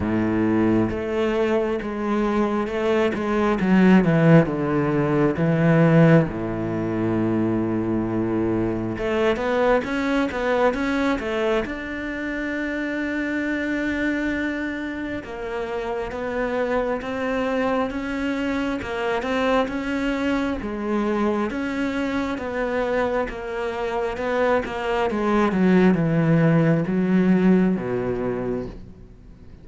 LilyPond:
\new Staff \with { instrumentName = "cello" } { \time 4/4 \tempo 4 = 67 a,4 a4 gis4 a8 gis8 | fis8 e8 d4 e4 a,4~ | a,2 a8 b8 cis'8 b8 | cis'8 a8 d'2.~ |
d'4 ais4 b4 c'4 | cis'4 ais8 c'8 cis'4 gis4 | cis'4 b4 ais4 b8 ais8 | gis8 fis8 e4 fis4 b,4 | }